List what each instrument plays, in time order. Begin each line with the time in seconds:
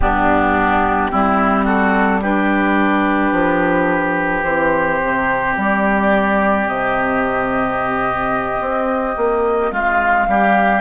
0.00 bassoon G2, clarinet B3, oboe D4, flute G4
1.11 bassoon G3, clarinet C4, oboe E4
1.65 oboe F#4, flute A4
2.21 clarinet D4, oboe G4, flute B4
3.32 bassoon F3
4.43 bassoon E3, clarinet C4, flute C5
5.03 bassoon C3
5.56 bassoon G3, flute D5
6.67 bassoon C3, flute D#5
8.60 bassoon C4
9.16 bassoon A#3
9.71 bassoon G#3, oboe F4, flute F5
10.27 bassoon G3, oboe G4